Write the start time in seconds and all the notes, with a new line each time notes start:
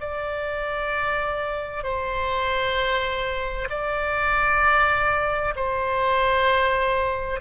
0.00 D5
1.83 C5
3.70 D5
5.56 C5